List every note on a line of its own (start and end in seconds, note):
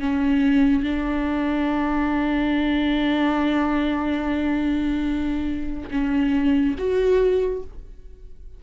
0.00 0.83 C#4
0.83 5.90 D4
5.91 6.75 C#4
6.78 7.63 F#4